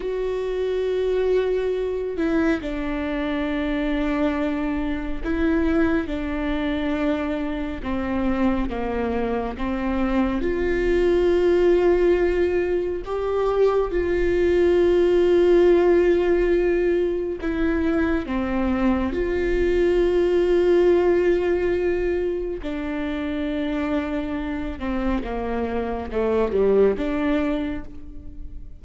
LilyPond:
\new Staff \with { instrumentName = "viola" } { \time 4/4 \tempo 4 = 69 fis'2~ fis'8 e'8 d'4~ | d'2 e'4 d'4~ | d'4 c'4 ais4 c'4 | f'2. g'4 |
f'1 | e'4 c'4 f'2~ | f'2 d'2~ | d'8 c'8 ais4 a8 g8 d'4 | }